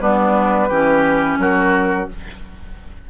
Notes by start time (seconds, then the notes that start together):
0.00 G3 B3 D4 B4
0.68 E3 C#4 G4
1.38 F#3 F#4 A#4